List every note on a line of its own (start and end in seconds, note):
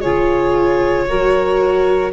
0.00 1.10 C#3
0.00 1.09 F4
0.00 1.05 G#4
0.00 2.11 C#5
1.08 2.13 F#3
1.08 2.13 F#4
1.08 2.13 A#4